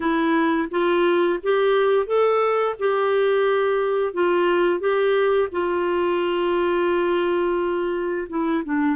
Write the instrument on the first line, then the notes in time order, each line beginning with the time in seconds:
clarinet
0.00 E4
0.70 F4
1.42 G4
2.06 A4
2.79 G4
4.13 F4
4.79 G4
5.51 F4
8.29 E4
8.64 D4